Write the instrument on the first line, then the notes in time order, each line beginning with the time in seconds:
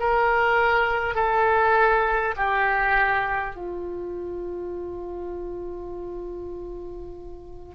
oboe
0.00 A#4
1.15 A4
2.37 G4
3.56 F4